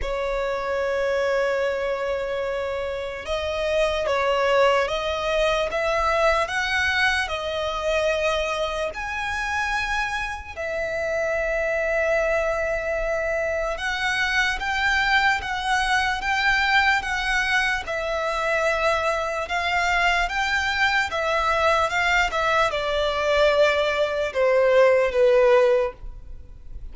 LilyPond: \new Staff \with { instrumentName = "violin" } { \time 4/4 \tempo 4 = 74 cis''1 | dis''4 cis''4 dis''4 e''4 | fis''4 dis''2 gis''4~ | gis''4 e''2.~ |
e''4 fis''4 g''4 fis''4 | g''4 fis''4 e''2 | f''4 g''4 e''4 f''8 e''8 | d''2 c''4 b'4 | }